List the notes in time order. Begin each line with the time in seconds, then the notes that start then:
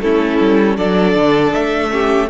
0.00 A3 C#4 E4 A4
0.41 G3
0.77 F#3 D4 A4 D5
1.15 D3
1.53 A3 E5
1.90 C#4 G4